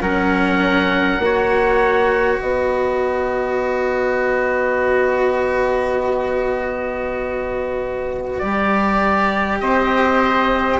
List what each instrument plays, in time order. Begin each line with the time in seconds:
0.00 bassoon F#3, cello C#4, trumpet A#4, oboe F#5
1.18 bassoon A#3, cello F#4
1.24 trumpet C#5
2.40 bassoon B3, trumpet B4, oboe D#5
8.38 bassoon G3, cello G4, oboe D5
9.60 bassoon C4, trumpet C5, oboe D#5